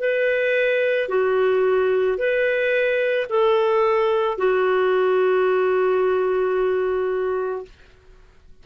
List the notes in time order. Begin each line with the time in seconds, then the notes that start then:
0.00 B4
1.09 F#4
2.18 B4
3.30 A4
4.38 F#4